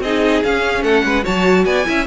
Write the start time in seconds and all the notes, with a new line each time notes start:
0.00 C4 D#4 G#4 D#5
0.43 C#4 F5
0.82 A3 A4 F#5
1.04 G#3 B4
1.23 F#3 F#4 C#5 A5
1.65 B3 D5 G#5
1.85 C#4 E4 E5